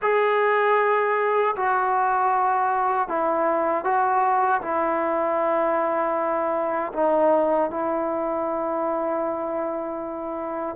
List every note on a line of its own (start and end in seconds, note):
0.01 1.55 G#4
1.56 3.08 F#4
3.08 3.84 E4
3.84 4.61 F#4
4.61 6.92 E4
6.93 7.70 D#4
7.70 10.76 E4